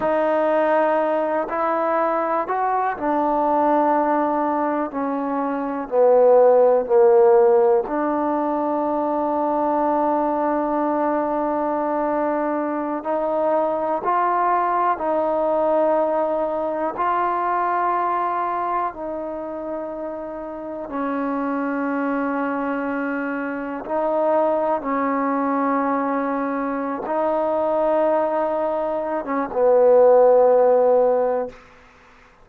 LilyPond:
\new Staff \with { instrumentName = "trombone" } { \time 4/4 \tempo 4 = 61 dis'4. e'4 fis'8 d'4~ | d'4 cis'4 b4 ais4 | d'1~ | d'4~ d'16 dis'4 f'4 dis'8.~ |
dis'4~ dis'16 f'2 dis'8.~ | dis'4~ dis'16 cis'2~ cis'8.~ | cis'16 dis'4 cis'2~ cis'16 dis'8~ | dis'4.~ dis'16 cis'16 b2 | }